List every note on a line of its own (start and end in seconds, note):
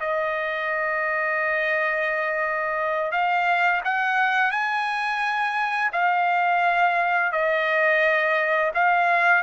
0.00 3.12 D#5
3.12 3.82 F5
3.85 4.51 F#5
4.51 5.91 G#5
5.93 7.32 F5
7.32 8.72 D#5
8.75 9.43 F5